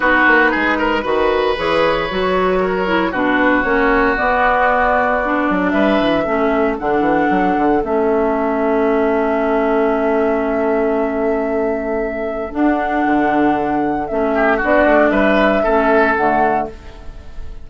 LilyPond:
<<
  \new Staff \with { instrumentName = "flute" } { \time 4/4 \tempo 4 = 115 b'2. cis''4~ | cis''2 b'4 cis''4 | d''2. e''4~ | e''4 fis''2 e''4~ |
e''1~ | e''1 | fis''2. e''4 | d''4 e''2 fis''4 | }
  \new Staff \with { instrumentName = "oboe" } { \time 4/4 fis'4 gis'8 ais'8 b'2~ | b'4 ais'4 fis'2~ | fis'2. b'4 | a'1~ |
a'1~ | a'1~ | a'2.~ a'8 g'8 | fis'4 b'4 a'2 | }
  \new Staff \with { instrumentName = "clarinet" } { \time 4/4 dis'2 fis'4 gis'4 | fis'4. e'8 d'4 cis'4 | b2 d'2 | cis'4 d'2 cis'4~ |
cis'1~ | cis'1 | d'2. cis'4 | d'2 cis'4 a4 | }
  \new Staff \with { instrumentName = "bassoon" } { \time 4/4 b8 ais8 gis4 dis4 e4 | fis2 b,4 ais4 | b2~ b8 fis8 g8 e8 | a4 d8 e8 fis8 d8 a4~ |
a1~ | a1 | d'4 d2 a4 | b8 a8 g4 a4 d4 | }
>>